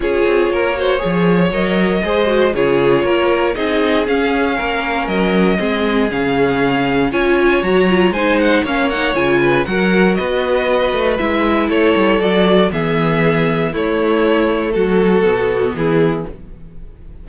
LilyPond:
<<
  \new Staff \with { instrumentName = "violin" } { \time 4/4 \tempo 4 = 118 cis''2. dis''4~ | dis''4 cis''2 dis''4 | f''2 dis''2 | f''2 gis''4 ais''4 |
gis''8 fis''8 f''8 fis''8 gis''4 fis''4 | dis''2 e''4 cis''4 | d''4 e''2 cis''4~ | cis''4 a'2 gis'4 | }
  \new Staff \with { instrumentName = "violin" } { \time 4/4 gis'4 ais'8 c''8 cis''2 | c''4 gis'4 ais'4 gis'4~ | gis'4 ais'2 gis'4~ | gis'2 cis''2 |
c''4 cis''4. b'8 ais'4 | b'2. a'4~ | a'4 gis'2 e'4~ | e'4 fis'2 e'4 | }
  \new Staff \with { instrumentName = "viola" } { \time 4/4 f'4. fis'8 gis'4 ais'4 | gis'8 fis'8 f'2 dis'4 | cis'2. c'4 | cis'2 f'4 fis'8 f'8 |
dis'4 cis'8 dis'8 f'4 fis'4~ | fis'2 e'2 | fis'4 b2 a4~ | a2 b2 | }
  \new Staff \with { instrumentName = "cello" } { \time 4/4 cis'8 c'8 ais4 f4 fis4 | gis4 cis4 ais4 c'4 | cis'4 ais4 fis4 gis4 | cis2 cis'4 fis4 |
gis4 ais4 cis4 fis4 | b4. a8 gis4 a8 g8 | fis4 e2 a4~ | a4 fis4 b,4 e4 | }
>>